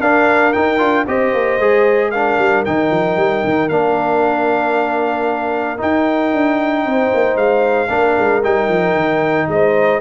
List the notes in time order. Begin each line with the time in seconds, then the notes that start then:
0.00 D4 A#4 F5
0.53 D#4 G5
0.78 D4 F4
1.07 C4 G4 C5 D#5
1.33 A#3
1.59 G#3 G#4
2.11 D4 A#4 F5
2.38 G3
2.65 D#3 D#4 G5
2.90 F3
3.16 G3
3.44 D#3
3.69 A#3 D4 F5
5.77 D#4 G5
6.33 D4
6.85 C4 C5
7.14 A#3
7.36 G#3 F5
7.89 A#3 D4 A#4
8.19 G#3
8.43 G3 D#4 G5
8.68 F3
8.94 D#3
9.48 G#3 C5 D#5